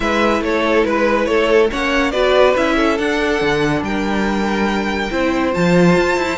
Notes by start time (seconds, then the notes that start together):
0.00 G#3 E4 B4 E5
0.41 A3 A4 C#5
0.84 G#3 B4
1.25 A3 A4 C#5
1.70 A#3 C#4 C#5 F#5
2.11 B3 F#4 B4 D5
2.56 C#4 E4 E5
2.76 A4
2.97 D4 F#5
3.41 D3
3.82 G3 A#4 G5
5.10 C4 E4 C5
5.52 F3 F4 A5
5.95 F4
6.17 E4
6.28 E4